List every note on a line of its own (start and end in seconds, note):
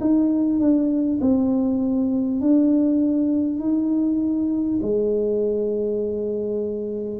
0.00 0.59 D#4
0.59 1.19 D4
1.20 2.40 C4
2.40 3.59 D4
3.59 4.79 D#4
4.82 7.19 G#3